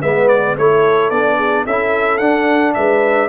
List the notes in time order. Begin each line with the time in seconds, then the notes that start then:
0.00 G#3 B3 B4 E5
0.28 D5
0.56 A3 E4 A4 C#5
1.10 B3 D4 D5
1.37 G#4
1.65 C#4 E4 A4 E5
2.17 D4 F#5
2.74 G#3 B4 E5